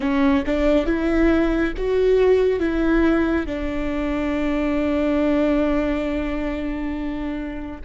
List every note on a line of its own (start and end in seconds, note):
0.00 0.43 C#4
0.46 0.86 D4
0.86 1.73 E4
1.77 2.59 F#4
2.59 3.46 E4
3.46 7.81 D4